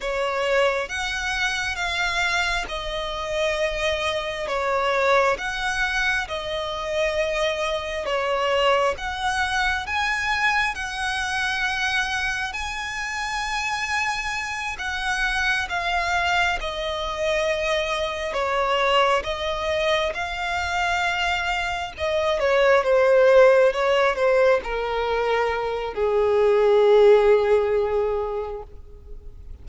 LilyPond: \new Staff \with { instrumentName = "violin" } { \time 4/4 \tempo 4 = 67 cis''4 fis''4 f''4 dis''4~ | dis''4 cis''4 fis''4 dis''4~ | dis''4 cis''4 fis''4 gis''4 | fis''2 gis''2~ |
gis''8 fis''4 f''4 dis''4.~ | dis''8 cis''4 dis''4 f''4.~ | f''8 dis''8 cis''8 c''4 cis''8 c''8 ais'8~ | ais'4 gis'2. | }